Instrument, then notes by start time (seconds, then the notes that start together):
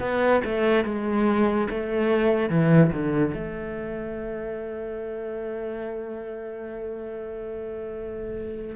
cello
0.00 B3
0.45 A3
0.84 G#3
1.70 A3
2.50 E3
2.93 D3
3.34 A3